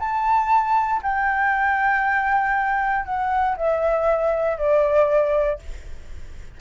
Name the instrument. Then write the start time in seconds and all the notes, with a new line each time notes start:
flute
0.00 A5
1.03 G5
3.05 F#5
3.57 E5
4.58 D5